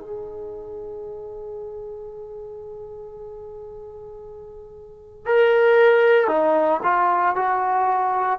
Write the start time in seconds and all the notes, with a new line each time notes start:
0.00 G#4
5.26 A#4
6.28 D#4
6.83 F4
7.36 F#4